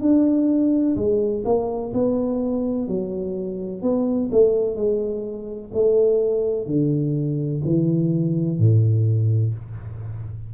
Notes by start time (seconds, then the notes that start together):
0.00 D4
0.96 G#3
1.45 A#3
1.93 B3
2.87 F#3
3.82 B3
4.32 A3
4.75 G#3
5.73 A3
6.66 D3
7.65 E3
8.58 A2